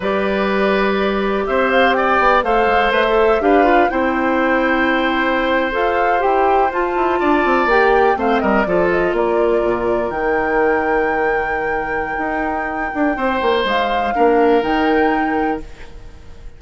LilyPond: <<
  \new Staff \with { instrumentName = "flute" } { \time 4/4 \tempo 4 = 123 d''2. e''8 f''8 | g''4 f''4 e''4 f''4 | g''2.~ g''8. f''16~ | f''8. g''4 a''2 g''16~ |
g''8. f''8 dis''8 d''8 dis''8 d''4~ d''16~ | d''8. g''2.~ g''16~ | g''1 | f''2 g''2 | }
  \new Staff \with { instrumentName = "oboe" } { \time 4/4 b'2. c''4 | d''4 c''2 b'4 | c''1~ | c''2~ c''8. d''4~ d''16~ |
d''8. c''8 ais'8 a'4 ais'4~ ais'16~ | ais'1~ | ais'2. c''4~ | c''4 ais'2. | }
  \new Staff \with { instrumentName = "clarinet" } { \time 4/4 g'1~ | g'4 a'4 b'16 a'8. g'8 f'8 | e'2.~ e'8. a'16~ | a'8. g'4 f'2 g'16~ |
g'8. c'4 f'2~ f'16~ | f'8. dis'2.~ dis'16~ | dis'1~ | dis'4 d'4 dis'2 | }
  \new Staff \with { instrumentName = "bassoon" } { \time 4/4 g2. c'4~ | c'8 b8 a8 gis8 a4 d'4 | c'2.~ c'8. f'16~ | f'8. e'4 f'8 e'8 d'8 c'8 ais16~ |
ais8. a8 g8 f4 ais4 ais,16~ | ais,8. dis2.~ dis16~ | dis4 dis'4. d'8 c'8 ais8 | gis4 ais4 dis2 | }
>>